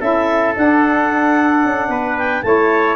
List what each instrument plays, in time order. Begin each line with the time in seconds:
0.00 tuba C#4, saxophone E4, trumpet A4, clarinet E5
0.55 saxophone D4, tuba D4, clarinet F#5
1.65 tuba C#4
1.88 tuba B3, trumpet B4
2.18 clarinet G5
2.42 tuba A3, saxophone E4, trumpet C#5, clarinet A5